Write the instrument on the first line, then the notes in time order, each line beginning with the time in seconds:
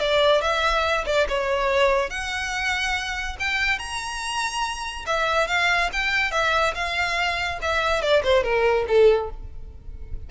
violin
0.00 D5
0.42 E5
1.06 D5
1.29 C#5
2.10 F#5
3.40 G5
3.79 A#5
5.06 E5
5.48 F5
5.93 G5
6.32 E5
6.75 F5
7.62 E5
8.02 D5
8.24 C5
8.44 A#4
8.88 A4